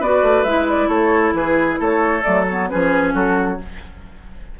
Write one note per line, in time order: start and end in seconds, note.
0.00 0.22 B3
0.00 0.46 F#4
0.00 0.89 B4
0.00 0.44 D5
0.22 0.44 A3
0.44 0.88 G#3
0.44 2.22 E4
0.44 0.66 E5
0.69 0.89 D5
0.88 1.33 A3
0.88 1.34 A4
0.88 1.34 C#5
1.33 1.77 E3
1.33 1.80 G#4
1.33 1.80 B4
1.80 2.25 A3
1.80 2.69 A4
1.80 2.23 C#5
2.22 2.71 F#3
2.22 2.44 A3
2.22 2.45 D5
2.47 2.70 B3
2.47 2.69 C#5
2.69 3.14 F3
2.69 3.60 C#4
2.69 3.14 G#4
2.69 3.14 B4
3.14 3.58 F#3
3.14 3.58 F#4
3.14 3.59 A4